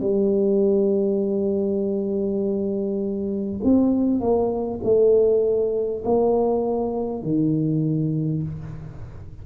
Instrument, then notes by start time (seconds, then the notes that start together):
tuba
0.00 G3
3.63 C4
4.20 A#3
4.83 A3
6.04 A#3
7.23 D#3